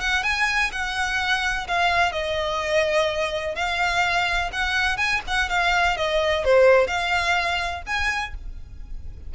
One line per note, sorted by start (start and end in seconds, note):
0.00 0.23 F#5
0.23 0.71 G#5
0.72 1.67 F#5
1.67 2.12 F5
2.12 3.55 D#5
3.55 4.50 F5
4.52 4.97 F#5
4.97 5.20 G#5
5.27 5.49 F#5
5.49 5.96 F5
5.96 6.44 D#5
6.44 6.87 C5
6.87 7.82 F5
7.86 8.34 G#5